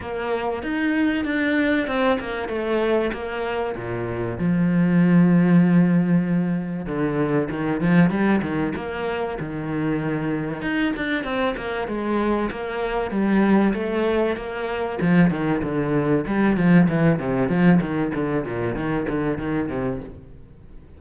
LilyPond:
\new Staff \with { instrumentName = "cello" } { \time 4/4 \tempo 4 = 96 ais4 dis'4 d'4 c'8 ais8 | a4 ais4 ais,4 f4~ | f2. d4 | dis8 f8 g8 dis8 ais4 dis4~ |
dis4 dis'8 d'8 c'8 ais8 gis4 | ais4 g4 a4 ais4 | f8 dis8 d4 g8 f8 e8 c8 | f8 dis8 d8 ais,8 dis8 d8 dis8 c8 | }